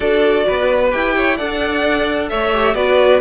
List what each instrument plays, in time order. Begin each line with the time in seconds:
0.00 cello D4, viola F#4, violin A4 D5
0.47 cello B3, violin B4
0.91 cello E4, viola G4, violin G5
1.16 violin C#5
1.36 cello D4, viola A4, violin D5 F#5
2.29 cello A3, violin C#5 E5
2.52 viola G4
2.74 cello B3, viola F#4, violin B4 D5